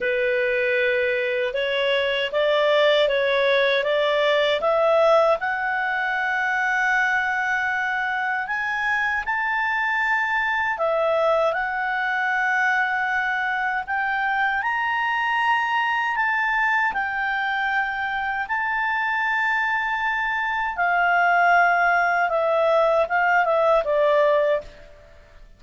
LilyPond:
\new Staff \with { instrumentName = "clarinet" } { \time 4/4 \tempo 4 = 78 b'2 cis''4 d''4 | cis''4 d''4 e''4 fis''4~ | fis''2. gis''4 | a''2 e''4 fis''4~ |
fis''2 g''4 ais''4~ | ais''4 a''4 g''2 | a''2. f''4~ | f''4 e''4 f''8 e''8 d''4 | }